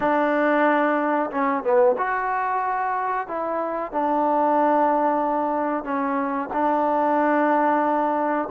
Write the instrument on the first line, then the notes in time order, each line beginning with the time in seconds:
trombone
0.00 D4
1.30 C#4
1.63 B3
1.97 F#4
3.27 E4
3.92 D4
5.84 C#4
6.53 D4